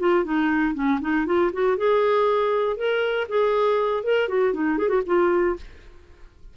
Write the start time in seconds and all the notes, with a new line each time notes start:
0.00 F4
0.25 D#4
0.75 C#4
1.01 D#4
1.27 F4
1.53 F#4
1.78 G#4
2.77 A#4
3.30 G#4
4.04 A#4
4.29 F#4
4.54 D#4
4.79 G#4
4.89 F#4
5.06 F4